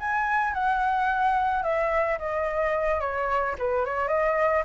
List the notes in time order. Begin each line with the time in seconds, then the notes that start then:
0.00 G#5
0.53 F#5
1.63 E5
2.18 D#5
3.00 C#5
3.58 B4
3.85 C#5
4.08 D#5